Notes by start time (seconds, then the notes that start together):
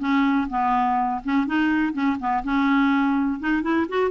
0.00 C#4
0.50 B3
1.24 C#4
1.47 D#4
1.93 C#4
2.20 B3
2.44 C#4
3.40 D#4
3.63 E4
3.89 F#4